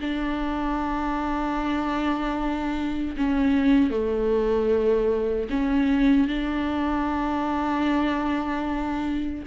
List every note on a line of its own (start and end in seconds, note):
0.00 3.16 D4
3.17 3.90 C#4
3.90 5.48 A3
5.50 6.27 C#4
6.27 9.43 D4